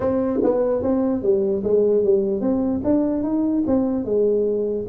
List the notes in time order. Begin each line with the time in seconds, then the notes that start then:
0.00 C4
0.43 B3
0.82 C4
1.22 G3
1.63 G#3
2.04 G3
2.40 C4
2.84 D4
3.23 D#4
3.67 C4
4.04 G#3